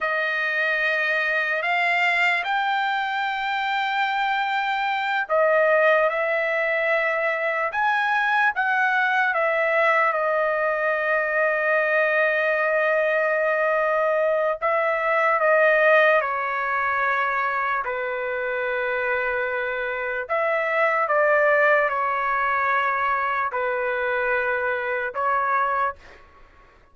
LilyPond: \new Staff \with { instrumentName = "trumpet" } { \time 4/4 \tempo 4 = 74 dis''2 f''4 g''4~ | g''2~ g''8 dis''4 e''8~ | e''4. gis''4 fis''4 e''8~ | e''8 dis''2.~ dis''8~ |
dis''2 e''4 dis''4 | cis''2 b'2~ | b'4 e''4 d''4 cis''4~ | cis''4 b'2 cis''4 | }